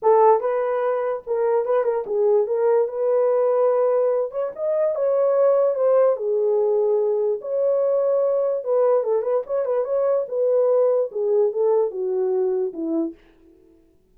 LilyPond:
\new Staff \with { instrumentName = "horn" } { \time 4/4 \tempo 4 = 146 a'4 b'2 ais'4 | b'8 ais'8 gis'4 ais'4 b'4~ | b'2~ b'8 cis''8 dis''4 | cis''2 c''4 gis'4~ |
gis'2 cis''2~ | cis''4 b'4 a'8 b'8 cis''8 b'8 | cis''4 b'2 gis'4 | a'4 fis'2 e'4 | }